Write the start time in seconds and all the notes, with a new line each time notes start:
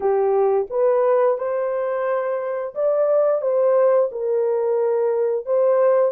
0.00 G4
0.69 B4
1.38 C5
2.75 D5
3.41 C5
4.11 A#4
5.45 C5